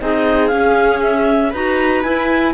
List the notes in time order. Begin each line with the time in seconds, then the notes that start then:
0.00 C4 D#4 G#4 D#5
0.47 C#4 F5
1.02 E5
1.50 D#4 F#4 B4 A#5
2.02 E4 G#5